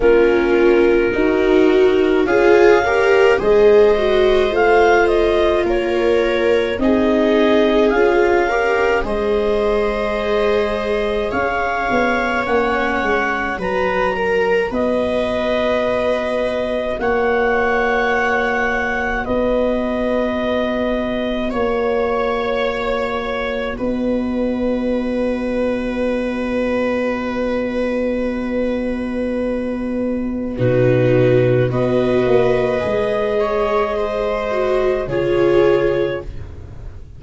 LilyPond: <<
  \new Staff \with { instrumentName = "clarinet" } { \time 4/4 \tempo 4 = 53 ais'2 f''4 dis''4 | f''8 dis''8 cis''4 dis''4 f''4 | dis''2 f''4 fis''4 | ais''4 dis''2 fis''4~ |
fis''4 dis''2 cis''4~ | cis''4 dis''2.~ | dis''2. b'4 | dis''2. cis''4 | }
  \new Staff \with { instrumentName = "viola" } { \time 4/4 f'4 fis'4 gis'8 ais'8 c''4~ | c''4 ais'4 gis'4. ais'8 | c''2 cis''2 | b'8 ais'8 b'2 cis''4~ |
cis''4 b'2 cis''4~ | cis''4 b'2.~ | b'2. fis'4 | b'4. cis''8 c''4 gis'4 | }
  \new Staff \with { instrumentName = "viola" } { \time 4/4 cis'4 dis'4 f'8 g'8 gis'8 fis'8 | f'2 dis'4 f'8 g'8 | gis'2. cis'4 | fis'1~ |
fis'1~ | fis'1~ | fis'2. dis'4 | fis'4 gis'4. fis'8 f'4 | }
  \new Staff \with { instrumentName = "tuba" } { \time 4/4 ais4 dis'4 cis'4 gis4 | a4 ais4 c'4 cis'4 | gis2 cis'8 b8 ais8 gis8 | fis4 b2 ais4~ |
ais4 b2 ais4~ | ais4 b2.~ | b2. b,4 | b8 ais8 gis2 cis4 | }
>>